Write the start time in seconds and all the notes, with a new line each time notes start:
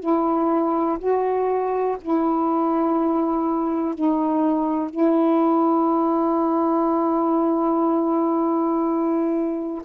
0.00 E4
0.99 F#4
2.02 E4
3.94 D#4
4.90 E4